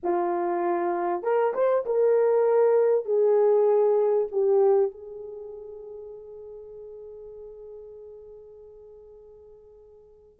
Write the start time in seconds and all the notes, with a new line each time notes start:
0.03 F4
1.22 A#4
1.54 C5
1.85 A#4
3.05 G#4
4.31 G4
4.91 G#4